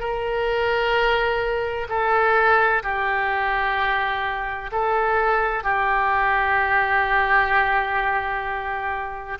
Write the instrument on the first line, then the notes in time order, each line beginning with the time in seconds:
oboe
0.00 A#4
1.89 A4
2.83 G4
4.72 A4
5.63 G4